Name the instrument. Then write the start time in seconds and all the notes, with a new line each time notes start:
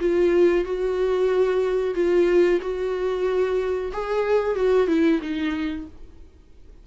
viola
0.00 F4
0.65 F#4
1.95 F4
2.61 F#4
3.92 G#4
4.55 F#4
4.88 E4
5.21 D#4